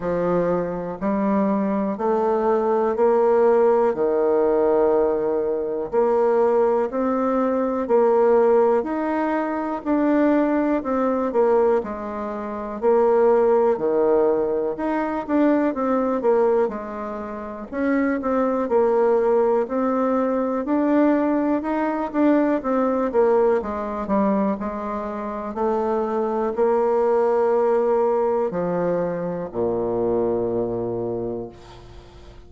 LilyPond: \new Staff \with { instrumentName = "bassoon" } { \time 4/4 \tempo 4 = 61 f4 g4 a4 ais4 | dis2 ais4 c'4 | ais4 dis'4 d'4 c'8 ais8 | gis4 ais4 dis4 dis'8 d'8 |
c'8 ais8 gis4 cis'8 c'8 ais4 | c'4 d'4 dis'8 d'8 c'8 ais8 | gis8 g8 gis4 a4 ais4~ | ais4 f4 ais,2 | }